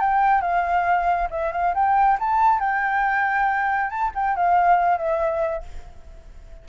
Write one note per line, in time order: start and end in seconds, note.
0.00 0.42 G5
0.42 1.28 F5
1.31 1.52 E5
1.52 1.74 F5
1.75 2.18 G5
2.20 2.59 A5
2.59 3.90 G5
3.90 4.12 A5
4.15 4.36 G5
4.36 4.98 F5
4.98 5.63 E5